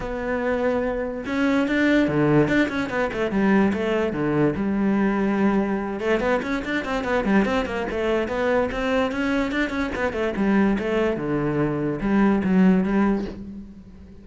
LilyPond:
\new Staff \with { instrumentName = "cello" } { \time 4/4 \tempo 4 = 145 b2. cis'4 | d'4 d4 d'8 cis'8 b8 a8 | g4 a4 d4 g4~ | g2~ g8 a8 b8 cis'8 |
d'8 c'8 b8 g8 c'8 ais8 a4 | b4 c'4 cis'4 d'8 cis'8 | b8 a8 g4 a4 d4~ | d4 g4 fis4 g4 | }